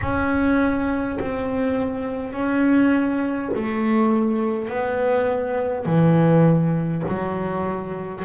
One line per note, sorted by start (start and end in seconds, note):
0.01 1.18 C#4
1.20 2.32 C4
2.32 3.50 C#4
3.55 4.68 A3
4.68 5.85 B3
5.85 7.03 E3
7.07 8.24 F#3